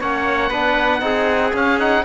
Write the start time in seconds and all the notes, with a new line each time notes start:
0.00 A#3 C#4 C#5 F#5
0.50 B3 D4 B4
1.01 C4 D#4 G#4
1.54 C#4 F5
1.80 D#4 F#5